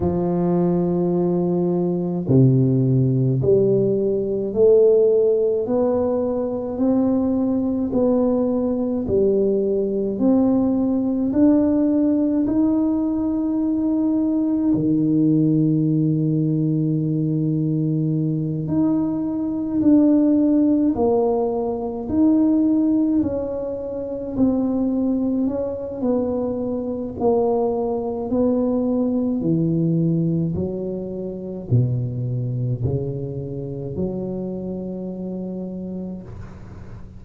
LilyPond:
\new Staff \with { instrumentName = "tuba" } { \time 4/4 \tempo 4 = 53 f2 c4 g4 | a4 b4 c'4 b4 | g4 c'4 d'4 dis'4~ | dis'4 dis2.~ |
dis8 dis'4 d'4 ais4 dis'8~ | dis'8 cis'4 c'4 cis'8 b4 | ais4 b4 e4 fis4 | b,4 cis4 fis2 | }